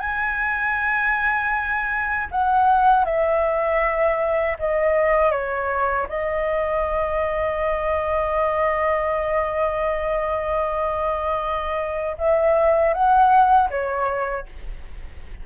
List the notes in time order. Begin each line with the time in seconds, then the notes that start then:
0.00 G#5
2.32 F#5
3.05 E5
4.60 D#5
5.31 C#5
6.09 D#5
12.18 E5
12.94 F#5
13.70 C#5